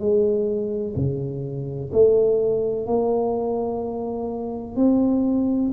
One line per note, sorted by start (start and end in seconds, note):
0.00 0.95 G#3
0.96 1.91 C#3
1.93 2.87 A3
2.87 4.77 A#3
4.77 5.72 C4